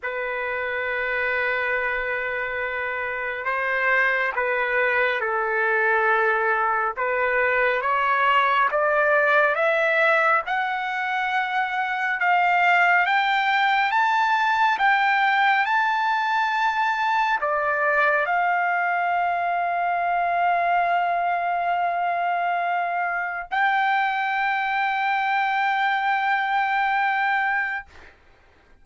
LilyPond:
\new Staff \with { instrumentName = "trumpet" } { \time 4/4 \tempo 4 = 69 b'1 | c''4 b'4 a'2 | b'4 cis''4 d''4 e''4 | fis''2 f''4 g''4 |
a''4 g''4 a''2 | d''4 f''2.~ | f''2. g''4~ | g''1 | }